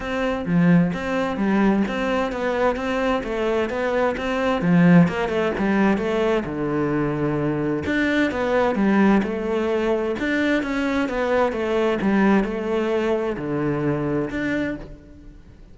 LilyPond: \new Staff \with { instrumentName = "cello" } { \time 4/4 \tempo 4 = 130 c'4 f4 c'4 g4 | c'4 b4 c'4 a4 | b4 c'4 f4 ais8 a8 | g4 a4 d2~ |
d4 d'4 b4 g4 | a2 d'4 cis'4 | b4 a4 g4 a4~ | a4 d2 d'4 | }